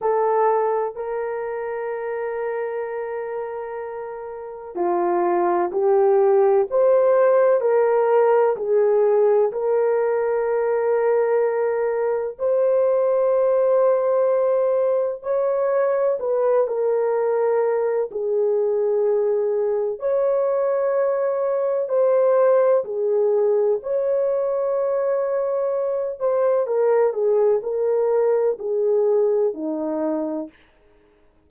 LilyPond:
\new Staff \with { instrumentName = "horn" } { \time 4/4 \tempo 4 = 63 a'4 ais'2.~ | ais'4 f'4 g'4 c''4 | ais'4 gis'4 ais'2~ | ais'4 c''2. |
cis''4 b'8 ais'4. gis'4~ | gis'4 cis''2 c''4 | gis'4 cis''2~ cis''8 c''8 | ais'8 gis'8 ais'4 gis'4 dis'4 | }